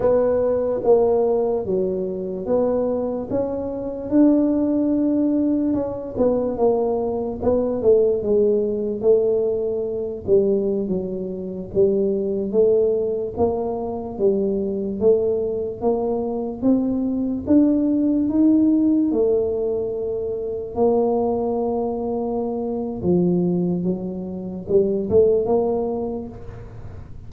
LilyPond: \new Staff \with { instrumentName = "tuba" } { \time 4/4 \tempo 4 = 73 b4 ais4 fis4 b4 | cis'4 d'2 cis'8 b8 | ais4 b8 a8 gis4 a4~ | a8 g8. fis4 g4 a8.~ |
a16 ais4 g4 a4 ais8.~ | ais16 c'4 d'4 dis'4 a8.~ | a4~ a16 ais2~ ais8. | f4 fis4 g8 a8 ais4 | }